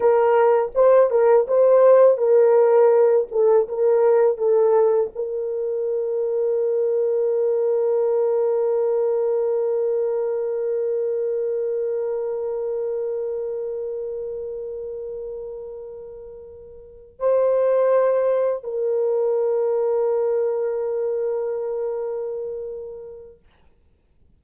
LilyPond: \new Staff \with { instrumentName = "horn" } { \time 4/4 \tempo 4 = 82 ais'4 c''8 ais'8 c''4 ais'4~ | ais'8 a'8 ais'4 a'4 ais'4~ | ais'1~ | ais'1~ |
ais'1~ | ais'2.~ ais'8 c''8~ | c''4. ais'2~ ais'8~ | ais'1 | }